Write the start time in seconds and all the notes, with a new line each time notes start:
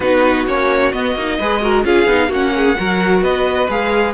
0.00 B3 D#4 F#4 B4
0.46 A#3 C#4 C#5
0.92 B3 D#5
1.15 A#3 D#4
1.39 G#3 G#4 B4
1.61 F#4 A#4
1.84 C#4 F4 G#4 F5
2.05 B3 D#4
2.28 A#3 C#4 F#4 F#5
2.55 G#4
2.75 F#3 F#4 A#4
3.21 B3 B4 D#5
3.69 G#3 G#4 F5